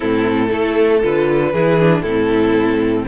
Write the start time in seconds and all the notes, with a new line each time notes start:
0.00 A2 C4 E4 A4
0.48 A3 E4 A4
1.02 D3 F4 B4
1.52 E3 E4 G#4
1.79 D4
2.01 A2 C4 E4 A4